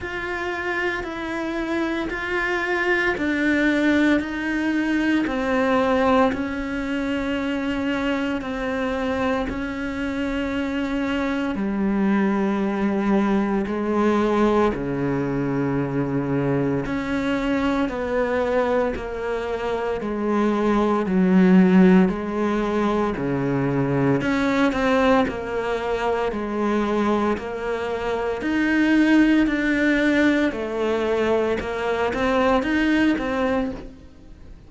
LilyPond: \new Staff \with { instrumentName = "cello" } { \time 4/4 \tempo 4 = 57 f'4 e'4 f'4 d'4 | dis'4 c'4 cis'2 | c'4 cis'2 g4~ | g4 gis4 cis2 |
cis'4 b4 ais4 gis4 | fis4 gis4 cis4 cis'8 c'8 | ais4 gis4 ais4 dis'4 | d'4 a4 ais8 c'8 dis'8 c'8 | }